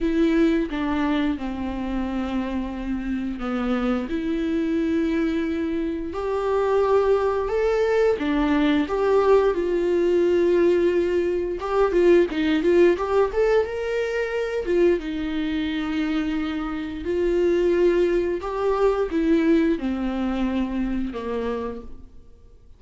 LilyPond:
\new Staff \with { instrumentName = "viola" } { \time 4/4 \tempo 4 = 88 e'4 d'4 c'2~ | c'4 b4 e'2~ | e'4 g'2 a'4 | d'4 g'4 f'2~ |
f'4 g'8 f'8 dis'8 f'8 g'8 a'8 | ais'4. f'8 dis'2~ | dis'4 f'2 g'4 | e'4 c'2 ais4 | }